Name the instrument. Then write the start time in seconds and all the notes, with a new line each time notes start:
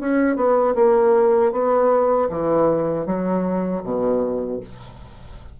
bassoon
0.00 C#4
0.36 B3
0.75 A#3
1.52 B3
2.29 E3
3.06 F#3
3.83 B2